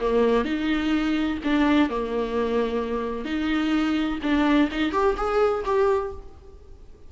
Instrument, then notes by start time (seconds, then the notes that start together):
viola
0.00 A#3
0.44 D#4
1.43 D4
1.89 A#3
3.25 D#4
4.22 D4
4.71 D#4
4.92 G4
5.17 G#4
5.65 G4